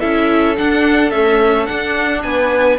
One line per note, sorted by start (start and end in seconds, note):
0.00 0.58 C#4
0.00 0.56 E4
0.00 2.22 A4
0.00 0.56 E5
0.57 1.12 D4
0.57 1.11 F#5
1.11 1.68 A3
1.11 1.67 C#4
1.11 1.66 E5
1.66 2.79 D4
1.66 2.24 D4
1.66 2.22 F#5
2.23 2.79 B3
2.23 2.79 B4
2.23 2.79 G#5